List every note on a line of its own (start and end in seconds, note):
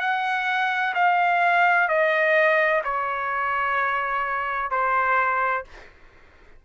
0.00 0.94 F#5
0.94 1.88 F5
1.88 2.82 D#5
2.84 4.70 C#5
4.70 5.64 C5